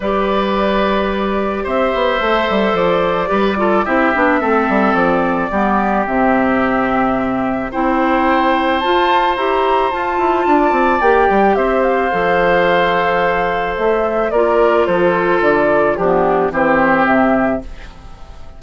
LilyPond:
<<
  \new Staff \with { instrumentName = "flute" } { \time 4/4 \tempo 4 = 109 d''2. e''4~ | e''4 d''2 e''4~ | e''4 d''2 e''4~ | e''2 g''2 |
a''4 ais''4 a''2 | g''4 e''8 f''2~ f''8~ | f''4 e''4 d''4 c''4 | d''4 g'4 c''4 e''4 | }
  \new Staff \with { instrumentName = "oboe" } { \time 4/4 b'2. c''4~ | c''2 b'8 a'8 g'4 | a'2 g'2~ | g'2 c''2~ |
c''2. d''4~ | d''4 c''2.~ | c''2 ais'4 a'4~ | a'4 d'4 g'2 | }
  \new Staff \with { instrumentName = "clarinet" } { \time 4/4 g'1 | a'2 g'8 f'8 e'8 d'8 | c'2 b4 c'4~ | c'2 e'2 |
f'4 g'4 f'2 | g'2 a'2~ | a'2 f'2~ | f'4 b4 c'2 | }
  \new Staff \with { instrumentName = "bassoon" } { \time 4/4 g2. c'8 b8 | a8 g8 f4 g4 c'8 b8 | a8 g8 f4 g4 c4~ | c2 c'2 |
f'4 e'4 f'8 e'8 d'8 c'8 | ais8 g8 c'4 f2~ | f4 a4 ais4 f4 | d4 f4 e4 c4 | }
>>